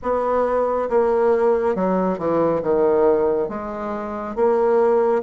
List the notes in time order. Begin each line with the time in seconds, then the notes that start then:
0.02 B3
0.89 A#3
1.75 F#3
2.18 E3
2.62 D#3
3.48 G#3
4.35 A#3